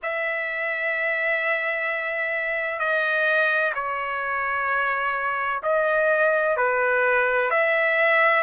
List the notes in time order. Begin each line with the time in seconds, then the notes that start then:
0.03 E5
2.79 D#5
3.74 C#5
5.62 D#5
6.56 B4
7.50 E5